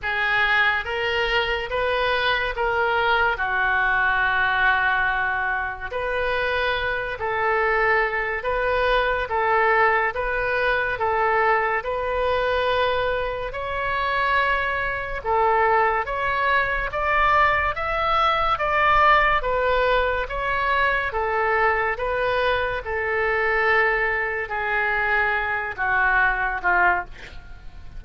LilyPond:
\new Staff \with { instrumentName = "oboe" } { \time 4/4 \tempo 4 = 71 gis'4 ais'4 b'4 ais'4 | fis'2. b'4~ | b'8 a'4. b'4 a'4 | b'4 a'4 b'2 |
cis''2 a'4 cis''4 | d''4 e''4 d''4 b'4 | cis''4 a'4 b'4 a'4~ | a'4 gis'4. fis'4 f'8 | }